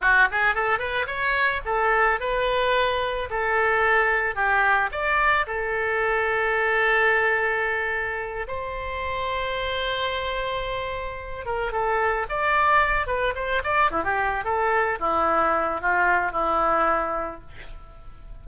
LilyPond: \new Staff \with { instrumentName = "oboe" } { \time 4/4 \tempo 4 = 110 fis'8 gis'8 a'8 b'8 cis''4 a'4 | b'2 a'2 | g'4 d''4 a'2~ | a'2.~ a'8 c''8~ |
c''1~ | c''4 ais'8 a'4 d''4. | b'8 c''8 d''8 e'16 g'8. a'4 e'8~ | e'4 f'4 e'2 | }